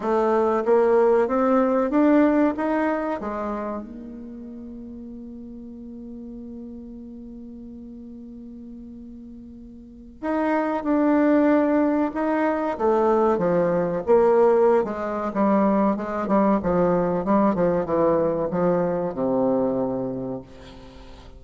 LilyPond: \new Staff \with { instrumentName = "bassoon" } { \time 4/4 \tempo 4 = 94 a4 ais4 c'4 d'4 | dis'4 gis4 ais2~ | ais1~ | ais1 |
dis'4 d'2 dis'4 | a4 f4 ais4~ ais16 gis8. | g4 gis8 g8 f4 g8 f8 | e4 f4 c2 | }